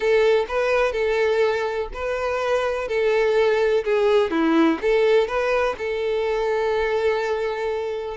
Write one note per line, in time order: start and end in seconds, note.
0.00 0.45 A4
0.48 0.92 B4
0.92 1.88 A4
1.93 2.88 B4
2.88 3.84 A4
3.84 4.30 G#4
4.30 4.78 E4
4.81 5.27 A4
5.27 5.75 B4
5.77 8.17 A4